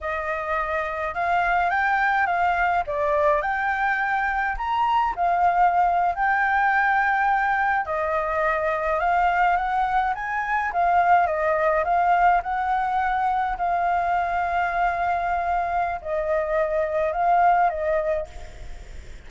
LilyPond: \new Staff \with { instrumentName = "flute" } { \time 4/4 \tempo 4 = 105 dis''2 f''4 g''4 | f''4 d''4 g''2 | ais''4 f''4.~ f''16 g''4~ g''16~ | g''4.~ g''16 dis''2 f''16~ |
f''8. fis''4 gis''4 f''4 dis''16~ | dis''8. f''4 fis''2 f''16~ | f''1 | dis''2 f''4 dis''4 | }